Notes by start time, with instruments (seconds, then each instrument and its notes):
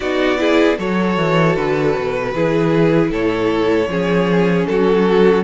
0.00 cello B3, viola D#4, violin F#4 D5
0.37 viola E4, violin G#4
0.77 cello F#3, viola F#4, violin A4 C#5
1.17 cello E3
1.56 cello D3, violin B4
1.97 cello B2
2.34 cello E3, viola E4, violin G#4
3.10 cello A2, violin A4 C#5
3.87 cello F3, viola C#4, violin G#4
4.66 cello F#3, violin F#4 A4